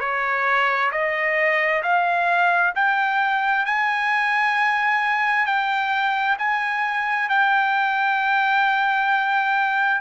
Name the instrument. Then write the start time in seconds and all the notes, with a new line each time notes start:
trumpet
0.00 C#5
0.92 D#5
1.83 F5
2.76 G5
3.66 G#5
5.46 G5
6.38 G#5
7.29 G5